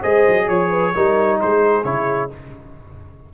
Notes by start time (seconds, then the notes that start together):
0.00 G#3 G#4 C5 D#5
0.28 F#3
0.48 F3 C#5
0.69 B4
0.94 G3 D#4 A#4
1.40 G#3 G#4 C5
1.83 C#3 E4 C#5